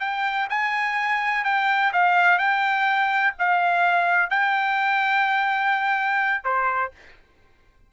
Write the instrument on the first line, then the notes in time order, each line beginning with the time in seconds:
trumpet
0.00 G5
0.50 G#5
1.44 G5
1.93 F5
2.38 G5
3.39 F5
4.30 G5
6.44 C5